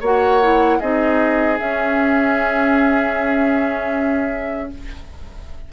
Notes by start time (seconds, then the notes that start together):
0.00 A#3 F#4 C#5 F#5
0.42 E4
0.79 C4 D#4 G#4 D#5
1.58 C#4 E5